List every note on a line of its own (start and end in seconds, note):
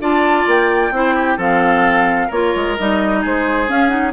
0.00 0.46 D4
0.00 0.92 F4
0.00 0.93 D5
0.00 0.48 A5
0.46 0.91 A#3
0.46 1.40 G5
0.91 1.37 C4
0.91 1.38 E4
0.91 1.15 C5
1.15 1.37 G4
1.37 2.29 F3
1.37 2.30 C4
1.37 2.27 A4
1.37 2.31 F5
2.27 2.53 A#3
2.27 2.78 F4
2.27 3.19 A#4
2.27 2.77 C#5
2.55 2.78 G#3
2.78 3.25 G3
2.78 3.68 D#4
2.78 3.23 D#5
3.21 3.68 G#3
3.21 4.12 G#4
3.21 3.70 C5
3.68 3.89 C#4
3.68 4.12 C#4
3.68 3.88 F5
3.88 4.12 D#4
3.88 4.11 F#5